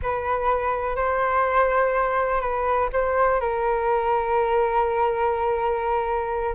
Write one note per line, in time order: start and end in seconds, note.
0.02 0.96 B4
0.96 2.40 C5
2.40 2.89 B4
2.92 3.40 C5
3.40 6.54 A#4